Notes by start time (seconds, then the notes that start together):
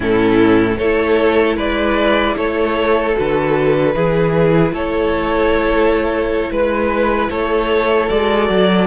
0.00 A2 C#4 E4 A4
0.77 A3 E4 A4 C#5
1.56 G#3 B4 D5
2.36 A3 A4 C#5
3.14 D3 F#4 B4
3.94 E3 E4 G#4
4.72 A3 A4 C#5
6.50 G#3 B4
7.29 A3 A4 C#5
8.08 G#3 F#4 D5
8.49 F#3